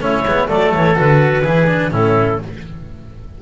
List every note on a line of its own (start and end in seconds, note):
0.00 0.24 A3
0.00 0.24 C#4
0.00 0.49 E4
0.00 0.49 C#5
0.25 0.48 G#3
0.25 0.48 B3
0.48 0.74 F#3
0.48 0.95 A3
0.48 1.42 A4
0.48 0.72 D5
0.73 0.98 E3
0.73 0.97 C#5
0.95 1.44 D3
0.95 1.43 F#4
0.95 1.93 B4
1.42 1.91 E3
1.42 1.67 E4
1.42 1.90 G#4
1.67 1.91 D4
1.91 2.38 A2
1.91 2.39 C#4
1.91 2.39 E4
1.91 2.42 A4